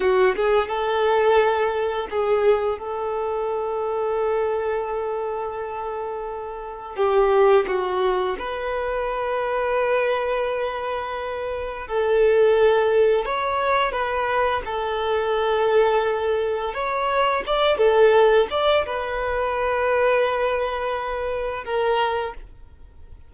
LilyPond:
\new Staff \with { instrumentName = "violin" } { \time 4/4 \tempo 4 = 86 fis'8 gis'8 a'2 gis'4 | a'1~ | a'2 g'4 fis'4 | b'1~ |
b'4 a'2 cis''4 | b'4 a'2. | cis''4 d''8 a'4 d''8 b'4~ | b'2. ais'4 | }